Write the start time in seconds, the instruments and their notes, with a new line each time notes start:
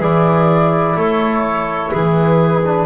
0.00 double bass E3, trombone E4, clarinet G#4, flute D5
0.97 double bass A3, clarinet A4, flute C#5
1.91 double bass E3, clarinet G#4, flute B4
2.65 trombone D4